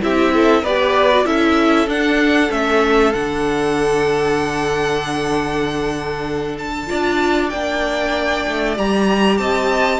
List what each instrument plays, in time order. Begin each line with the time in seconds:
0.00 cello C4, viola E4, violin G4 E5
0.33 violin A4
0.62 cello B3, viola G4, violin B4 D5
1.12 viola F#4
1.25 cello C#4, viola E4, violin A4 E5
1.87 cello D4, viola D4, violin F#5
2.50 cello A3, viola C#4, violin E5
3.12 cello D3, viola D4, violin F#5
6.58 violin A5
6.87 cello D4, viola F4, violin D5
7.49 cello A#3, viola D4, violin G5
8.48 cello A3
8.76 cello G3, viola G4, violin A#5
9.37 cello C4, violin D#5 A5